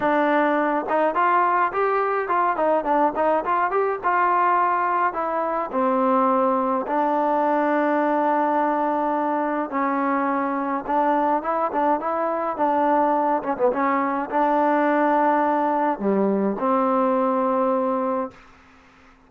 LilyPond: \new Staff \with { instrumentName = "trombone" } { \time 4/4 \tempo 4 = 105 d'4. dis'8 f'4 g'4 | f'8 dis'8 d'8 dis'8 f'8 g'8 f'4~ | f'4 e'4 c'2 | d'1~ |
d'4 cis'2 d'4 | e'8 d'8 e'4 d'4. cis'16 b16 | cis'4 d'2. | g4 c'2. | }